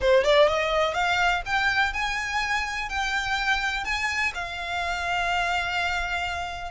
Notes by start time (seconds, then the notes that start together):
0.00 C5
0.24 D5
0.48 D#5
0.94 F5
1.45 G5
1.93 G#5
2.89 G5
3.84 G#5
4.34 F5